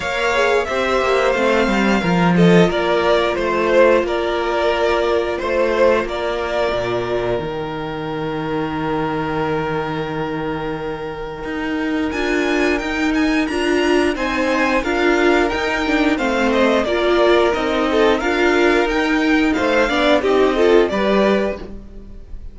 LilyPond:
<<
  \new Staff \with { instrumentName = "violin" } { \time 4/4 \tempo 4 = 89 f''4 e''4 f''4. dis''8 | d''4 c''4 d''2 | c''4 d''2 g''4~ | g''1~ |
g''2 gis''4 g''8 gis''8 | ais''4 gis''4 f''4 g''4 | f''8 dis''8 d''4 dis''4 f''4 | g''4 f''4 dis''4 d''4 | }
  \new Staff \with { instrumentName = "violin" } { \time 4/4 cis''4 c''2 ais'8 a'8 | ais'4 c''4 ais'2 | c''4 ais'2.~ | ais'1~ |
ais'1~ | ais'4 c''4 ais'2 | c''4 ais'4. a'8 ais'4~ | ais'4 c''8 d''8 g'8 a'8 b'4 | }
  \new Staff \with { instrumentName = "viola" } { \time 4/4 ais'8 gis'8 g'4 c'4 f'4~ | f'1~ | f'2. dis'4~ | dis'1~ |
dis'2 f'4 dis'4 | f'4 dis'4 f'4 dis'8 d'8 | c'4 f'4 dis'4 f'4 | dis'4. d'8 dis'8 f'8 g'4 | }
  \new Staff \with { instrumentName = "cello" } { \time 4/4 ais4 c'8 ais8 a8 g8 f4 | ais4 a4 ais2 | a4 ais4 ais,4 dis4~ | dis1~ |
dis4 dis'4 d'4 dis'4 | d'4 c'4 d'4 dis'4 | a4 ais4 c'4 d'4 | dis'4 a8 b8 c'4 g4 | }
>>